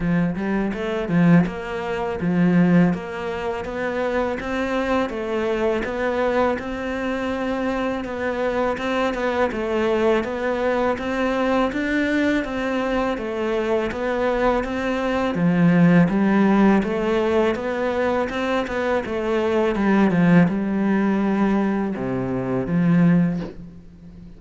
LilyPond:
\new Staff \with { instrumentName = "cello" } { \time 4/4 \tempo 4 = 82 f8 g8 a8 f8 ais4 f4 | ais4 b4 c'4 a4 | b4 c'2 b4 | c'8 b8 a4 b4 c'4 |
d'4 c'4 a4 b4 | c'4 f4 g4 a4 | b4 c'8 b8 a4 g8 f8 | g2 c4 f4 | }